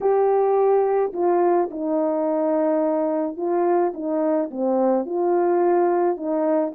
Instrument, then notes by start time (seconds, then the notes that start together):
horn
0.00 G4
1.13 F4
1.70 D#4
3.36 F4
3.94 D#4
4.50 C4
5.05 F4
6.17 D#4